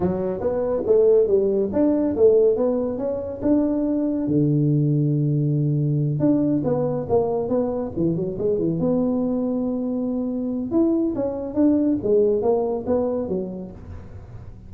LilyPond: \new Staff \with { instrumentName = "tuba" } { \time 4/4 \tempo 4 = 140 fis4 b4 a4 g4 | d'4 a4 b4 cis'4 | d'2 d2~ | d2~ d8 d'4 b8~ |
b8 ais4 b4 e8 fis8 gis8 | e8 b2.~ b8~ | b4 e'4 cis'4 d'4 | gis4 ais4 b4 fis4 | }